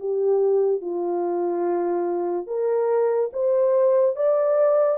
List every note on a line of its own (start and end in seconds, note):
0.00 0.82 G4
0.82 2.47 F4
2.47 3.31 A#4
3.33 4.16 C5
4.16 4.98 D5